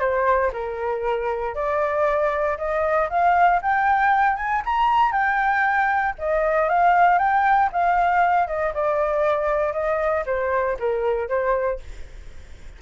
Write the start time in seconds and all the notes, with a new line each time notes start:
0.00 C5
0.53 A#4
1.55 D5
2.58 D#5
3.10 F5
3.62 G5
4.37 G#5
4.65 A#5
5.12 G5
6.18 D#5
6.69 F5
7.18 G5
7.73 F5
8.47 D#5
8.74 D5
9.73 D#5
10.26 C5
10.79 A#4
11.28 C5